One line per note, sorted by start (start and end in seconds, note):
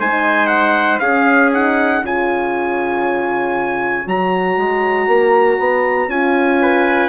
0.00 1.00 G#3
0.00 1.03 D#4
0.00 1.02 C5
0.00 0.47 G#5
0.47 0.98 F#5
1.00 2.01 C#4
1.00 1.54 C#4
1.00 2.04 G#4
1.00 1.50 F5
1.54 2.04 D#4
1.54 2.05 F#5
2.03 4.06 C#3
2.03 4.06 F4
2.03 6.61 C#5
2.03 4.08 G#5
4.06 4.57 F#3
4.06 6.10 F#4
4.06 6.10 A#5
4.57 5.07 G#3
5.07 5.58 A#3
5.59 6.08 B3
6.08 7.09 C#4
6.08 7.09 F4
6.08 7.09 G#5
6.61 7.09 B4